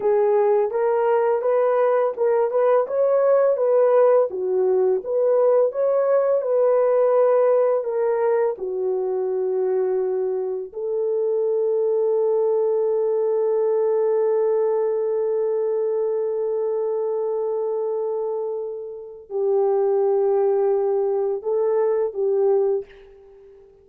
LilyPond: \new Staff \with { instrumentName = "horn" } { \time 4/4 \tempo 4 = 84 gis'4 ais'4 b'4 ais'8 b'8 | cis''4 b'4 fis'4 b'4 | cis''4 b'2 ais'4 | fis'2. a'4~ |
a'1~ | a'1~ | a'2. g'4~ | g'2 a'4 g'4 | }